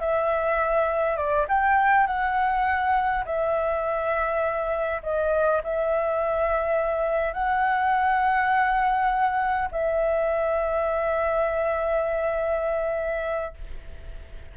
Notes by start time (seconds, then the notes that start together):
0.00 E5
1.17 D5
1.48 G5
2.07 F#5
3.25 E5
5.03 D#5
5.64 E5
7.33 F#5
9.72 E5